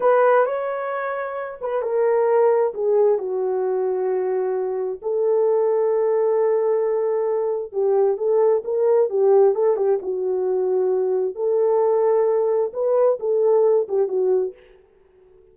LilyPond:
\new Staff \with { instrumentName = "horn" } { \time 4/4 \tempo 4 = 132 b'4 cis''2~ cis''8 b'8 | ais'2 gis'4 fis'4~ | fis'2. a'4~ | a'1~ |
a'4 g'4 a'4 ais'4 | g'4 a'8 g'8 fis'2~ | fis'4 a'2. | b'4 a'4. g'8 fis'4 | }